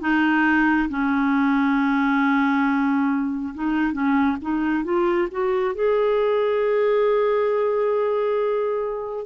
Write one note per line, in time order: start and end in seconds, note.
0.00 0.88 D#4
0.89 3.54 C#4
3.54 3.92 D#4
3.92 4.36 C#4
4.41 4.84 D#4
4.84 5.28 F4
5.31 5.74 F#4
5.74 9.26 G#4